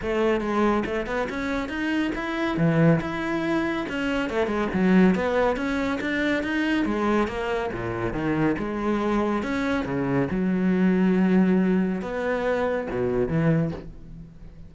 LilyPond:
\new Staff \with { instrumentName = "cello" } { \time 4/4 \tempo 4 = 140 a4 gis4 a8 b8 cis'4 | dis'4 e'4 e4 e'4~ | e'4 cis'4 a8 gis8 fis4 | b4 cis'4 d'4 dis'4 |
gis4 ais4 ais,4 dis4 | gis2 cis'4 cis4 | fis1 | b2 b,4 e4 | }